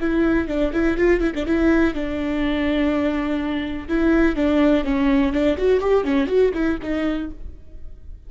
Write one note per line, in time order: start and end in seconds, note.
0.00 0.48 E4
0.48 0.72 D4
0.73 0.97 E4
0.97 1.20 F4
1.20 1.32 E4
1.35 1.46 D4
1.46 1.94 E4
1.94 3.88 D4
3.88 4.35 E4
4.35 4.84 D4
4.84 5.32 C#4
5.32 5.57 D4
5.57 5.80 F#4
5.80 6.04 G4
6.04 6.27 C#4
6.27 6.51 F#4
6.54 6.78 E4
6.82 7.30 D#4